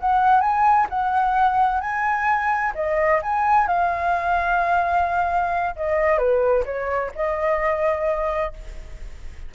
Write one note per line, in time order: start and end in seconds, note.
0.00 0.41 F#5
0.41 0.87 G#5
0.90 1.81 F#5
1.81 2.73 G#5
2.75 3.21 D#5
3.22 3.68 G#5
3.68 5.75 F5
5.76 6.18 D#5
6.18 6.64 B4
6.65 7.12 C#5
7.15 8.54 D#5